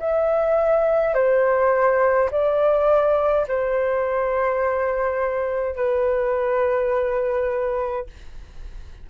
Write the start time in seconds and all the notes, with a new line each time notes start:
0.00 E5
1.15 C5
2.31 D5
3.48 C5
5.76 B4